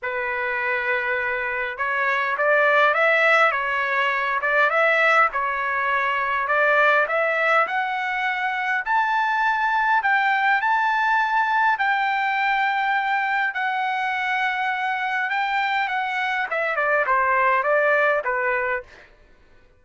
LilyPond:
\new Staff \with { instrumentName = "trumpet" } { \time 4/4 \tempo 4 = 102 b'2. cis''4 | d''4 e''4 cis''4. d''8 | e''4 cis''2 d''4 | e''4 fis''2 a''4~ |
a''4 g''4 a''2 | g''2. fis''4~ | fis''2 g''4 fis''4 | e''8 d''8 c''4 d''4 b'4 | }